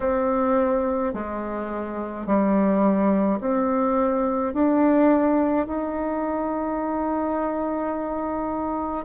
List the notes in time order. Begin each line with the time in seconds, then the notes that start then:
0.00 C4
1.13 G#3
2.26 G3
3.40 C4
4.53 D4
5.66 D#4